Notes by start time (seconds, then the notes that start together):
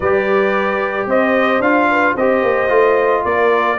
0.00 G3 G4 B4 D5
1.06 C4 C5 D#5
1.60 D4 F4 F5
1.91 B4
2.14 C4 G4 C5 D#5
2.43 A#3
2.68 A3 F4
3.25 A#3 A#4 D5